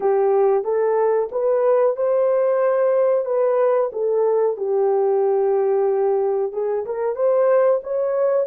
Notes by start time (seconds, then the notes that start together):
0.00 G4
0.63 A4
1.31 B4
1.96 C5
3.25 B4
3.92 A4
4.57 G4
6.52 G#4
6.85 A#4
7.15 C5
7.83 C#5